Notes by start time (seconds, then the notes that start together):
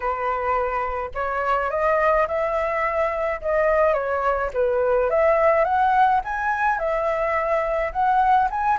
0.00 B4
1.14 C#5
1.70 D#5
2.27 E5
3.41 D#5
3.93 C#5
4.53 B4
5.10 E5
5.64 F#5
6.24 G#5
6.78 E5
7.92 F#5
8.50 G#5